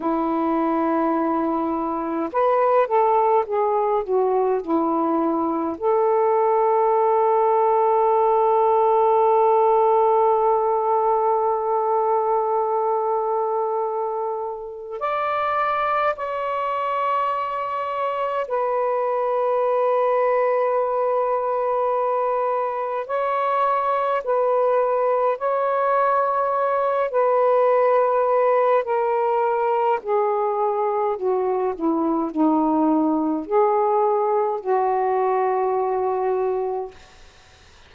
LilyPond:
\new Staff \with { instrumentName = "saxophone" } { \time 4/4 \tempo 4 = 52 e'2 b'8 a'8 gis'8 fis'8 | e'4 a'2.~ | a'1~ | a'4 d''4 cis''2 |
b'1 | cis''4 b'4 cis''4. b'8~ | b'4 ais'4 gis'4 fis'8 e'8 | dis'4 gis'4 fis'2 | }